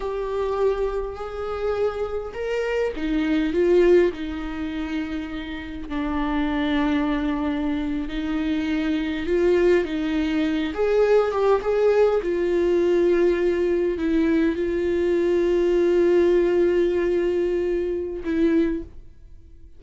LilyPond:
\new Staff \with { instrumentName = "viola" } { \time 4/4 \tempo 4 = 102 g'2 gis'2 | ais'4 dis'4 f'4 dis'4~ | dis'2 d'2~ | d'4.~ d'16 dis'2 f'16~ |
f'8. dis'4. gis'4 g'8 gis'16~ | gis'8. f'2. e'16~ | e'8. f'2.~ f'16~ | f'2. e'4 | }